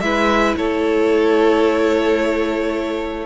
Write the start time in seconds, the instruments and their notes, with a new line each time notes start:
0.00 cello G#3, viola E4, violin B4 E5
0.57 cello A3, violin A4 C#5